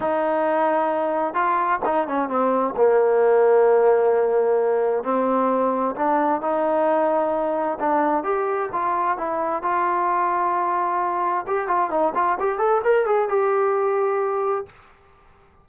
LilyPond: \new Staff \with { instrumentName = "trombone" } { \time 4/4 \tempo 4 = 131 dis'2. f'4 | dis'8 cis'8 c'4 ais2~ | ais2. c'4~ | c'4 d'4 dis'2~ |
dis'4 d'4 g'4 f'4 | e'4 f'2.~ | f'4 g'8 f'8 dis'8 f'8 g'8 a'8 | ais'8 gis'8 g'2. | }